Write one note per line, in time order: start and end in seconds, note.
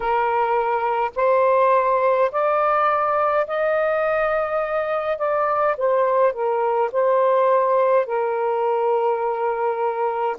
0.00 1.11 A#4
1.15 2.31 C5
2.31 3.46 D5
3.47 5.18 D#5
5.18 5.75 D5
5.77 6.32 C5
6.32 6.90 A#4
6.92 8.06 C5
8.06 10.36 A#4